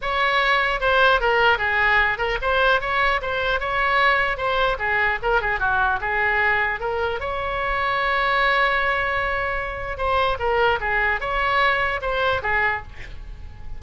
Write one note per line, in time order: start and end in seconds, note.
0.01 0.80 C#5
0.80 1.20 C5
1.20 1.58 A#4
1.58 2.18 G#4
2.18 2.38 A#4
2.41 2.80 C5
2.80 3.20 C#5
3.21 3.60 C5
3.60 4.37 C#5
4.37 4.77 C5
4.78 5.18 G#4
5.22 5.41 A#4
5.41 5.59 G#4
5.59 5.99 F#4
6.00 6.79 G#4
6.79 7.19 A#4
7.19 9.97 C#5
9.97 10.37 C5
10.39 10.79 A#4
10.80 11.20 G#4
11.20 12.00 C#5
12.01 12.41 C5
12.42 12.82 G#4